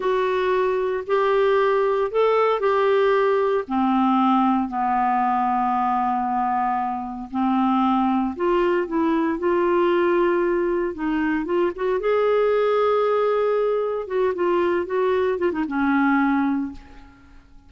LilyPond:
\new Staff \with { instrumentName = "clarinet" } { \time 4/4 \tempo 4 = 115 fis'2 g'2 | a'4 g'2 c'4~ | c'4 b2.~ | b2 c'2 |
f'4 e'4 f'2~ | f'4 dis'4 f'8 fis'8 gis'4~ | gis'2. fis'8 f'8~ | f'8 fis'4 f'16 dis'16 cis'2 | }